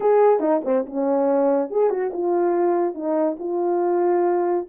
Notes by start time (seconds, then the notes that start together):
0.00 G#4
0.39 D#4
0.64 C4
0.85 C#4
1.70 G#4
1.90 F#4
2.13 F4
2.94 D#4
3.39 F4